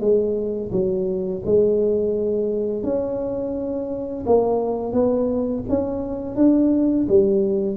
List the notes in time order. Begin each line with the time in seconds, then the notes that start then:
0.00 G#3
0.72 F#3
1.46 G#3
2.83 C#4
4.26 A#3
4.93 B3
5.69 C#4
6.36 D4
7.09 G3